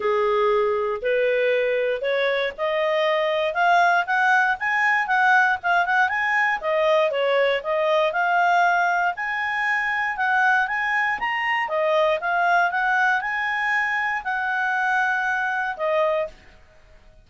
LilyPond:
\new Staff \with { instrumentName = "clarinet" } { \time 4/4 \tempo 4 = 118 gis'2 b'2 | cis''4 dis''2 f''4 | fis''4 gis''4 fis''4 f''8 fis''8 | gis''4 dis''4 cis''4 dis''4 |
f''2 gis''2 | fis''4 gis''4 ais''4 dis''4 | f''4 fis''4 gis''2 | fis''2. dis''4 | }